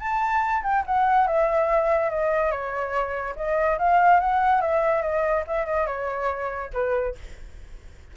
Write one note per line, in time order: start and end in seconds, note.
0.00 0.63 A5
0.63 0.84 G5
0.86 1.28 F#5
1.28 2.11 E5
2.11 2.52 D#5
2.52 3.35 C#5
3.36 3.78 D#5
3.79 4.21 F5
4.21 4.62 F#5
4.62 5.03 E5
5.03 5.45 D#5
5.48 5.66 E5
5.66 5.87 D#5
5.87 6.71 C#5
6.74 7.16 B4